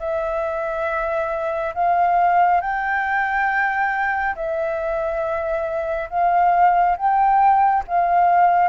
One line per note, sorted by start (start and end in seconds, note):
0.00 1.74 E5
1.75 2.62 F5
2.62 4.36 G5
4.36 6.10 E5
6.10 6.97 F5
6.97 7.84 G5
7.88 8.69 F5